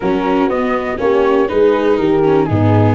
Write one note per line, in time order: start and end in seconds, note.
0.00 0.48 F#3
0.00 0.50 C#4
0.00 1.01 F#4
0.00 0.49 A#4
0.48 0.97 B3
0.48 0.99 D#5
0.97 1.49 A#3
0.97 1.47 C#4
0.97 1.51 G4
0.97 1.48 C#5
1.48 1.99 G#3
1.48 2.22 D#4
1.48 1.98 G#4
1.48 1.96 B4
1.96 2.48 D#3
1.96 2.45 G4
1.96 2.45 A#4
2.23 2.48 C#4
2.45 2.94 G#2
2.45 2.94 B3
2.45 2.94 D#4
2.45 2.94 G#4